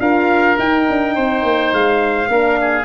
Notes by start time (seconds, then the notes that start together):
0.00 D4 F4 A#4 F5
0.56 D#4 G5
0.90 D4
1.15 C4 C5
1.43 A#3
1.73 G#3 F5
2.29 A#3 D4 A#4
2.61 G#4